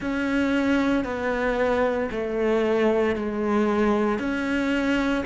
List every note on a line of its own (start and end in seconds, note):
0.00 1.04 C#4
1.04 2.09 B3
2.11 3.15 A3
3.15 4.18 G#3
4.18 5.23 C#4